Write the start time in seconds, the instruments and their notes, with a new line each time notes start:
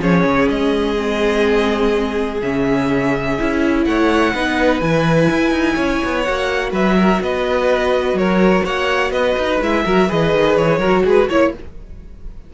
0.00 cello F3, viola C#4, violin G#4 C#5
0.24 cello C#3
0.49 cello G#3, violin D#5
0.97 viola C4
2.42 cello C#3, viola C#4, violin E5
3.39 cello C#4, viola E4
3.85 cello A3, violin C#5 F#5
4.34 cello B3, viola D#4, violin B4
4.81 cello E3, viola E4, violin G#5
5.30 cello E4
5.52 cello D#4
5.74 cello C#4, violin C#5
6.05 cello B3
6.22 viola F#4, violin F#5
6.29 cello A#3
6.72 cello F#3, violin B4 E5
6.98 violin A#4
7.21 cello B3, violin B4 D#5
8.13 cello F#3, violin A#4 C#5
8.64 cello A#3, violin C#5 F#5
9.11 cello B3, violin B4 D#5
9.38 cello D#4
9.61 cello G#3, viola E4, violin E5
9.85 cello F#3, viola F#4, violin A#4
10.09 cello E3, viola G#4, violin B4 D#5
10.33 cello D#3
10.56 cello E3, violin C#5
10.79 cello F#3, viola F#4, violin A#4
11.05 cello G#3, violin G#4 B4
11.29 cello A#3, viola E4, violin C#5